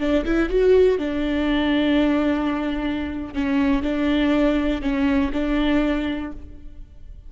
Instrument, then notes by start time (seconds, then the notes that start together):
viola
0.00 D4
0.25 E4
0.50 F#4
0.99 D4
3.34 C#4
3.83 D4
4.82 C#4
5.33 D4